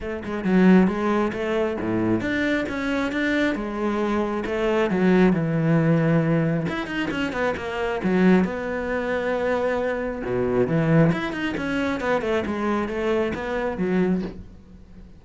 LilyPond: \new Staff \with { instrumentName = "cello" } { \time 4/4 \tempo 4 = 135 a8 gis8 fis4 gis4 a4 | a,4 d'4 cis'4 d'4 | gis2 a4 fis4 | e2. e'8 dis'8 |
cis'8 b8 ais4 fis4 b4~ | b2. b,4 | e4 e'8 dis'8 cis'4 b8 a8 | gis4 a4 b4 fis4 | }